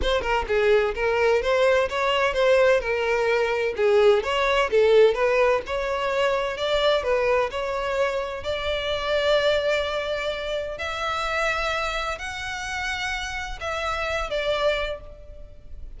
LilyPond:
\new Staff \with { instrumentName = "violin" } { \time 4/4 \tempo 4 = 128 c''8 ais'8 gis'4 ais'4 c''4 | cis''4 c''4 ais'2 | gis'4 cis''4 a'4 b'4 | cis''2 d''4 b'4 |
cis''2 d''2~ | d''2. e''4~ | e''2 fis''2~ | fis''4 e''4. d''4. | }